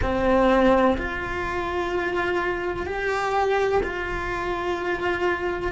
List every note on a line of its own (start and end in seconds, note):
0.02 0.97 C4
0.97 2.86 F4
2.86 3.81 G4
3.83 5.71 F4